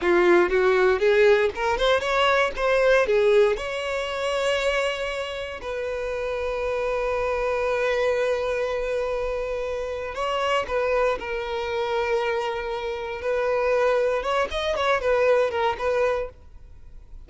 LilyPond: \new Staff \with { instrumentName = "violin" } { \time 4/4 \tempo 4 = 118 f'4 fis'4 gis'4 ais'8 c''8 | cis''4 c''4 gis'4 cis''4~ | cis''2. b'4~ | b'1~ |
b'1 | cis''4 b'4 ais'2~ | ais'2 b'2 | cis''8 dis''8 cis''8 b'4 ais'8 b'4 | }